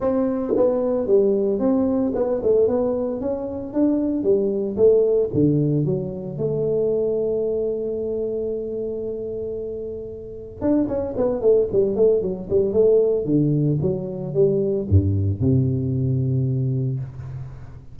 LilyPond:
\new Staff \with { instrumentName = "tuba" } { \time 4/4 \tempo 4 = 113 c'4 b4 g4 c'4 | b8 a8 b4 cis'4 d'4 | g4 a4 d4 fis4 | a1~ |
a1 | d'8 cis'8 b8 a8 g8 a8 fis8 g8 | a4 d4 fis4 g4 | g,4 c2. | }